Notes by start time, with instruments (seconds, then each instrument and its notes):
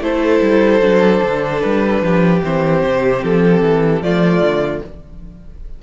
0.00 cello A3, viola E4, violin A4 C5
0.41 cello G3
0.81 cello F#3, viola D4
1.23 cello D3
1.61 cello G3, violin B4
2.02 cello F3, violin G4
2.43 cello E3, viola C4, violin C5
2.83 cello C3
3.23 cello F3, violin A4
3.61 cello E3
4.02 cello F3, viola A3, violin F4 D5
4.41 cello D3